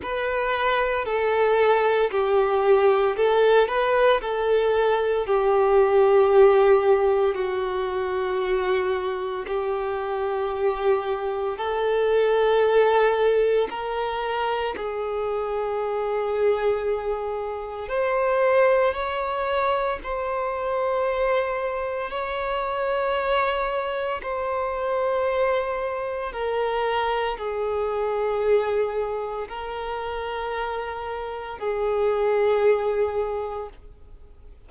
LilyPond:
\new Staff \with { instrumentName = "violin" } { \time 4/4 \tempo 4 = 57 b'4 a'4 g'4 a'8 b'8 | a'4 g'2 fis'4~ | fis'4 g'2 a'4~ | a'4 ais'4 gis'2~ |
gis'4 c''4 cis''4 c''4~ | c''4 cis''2 c''4~ | c''4 ais'4 gis'2 | ais'2 gis'2 | }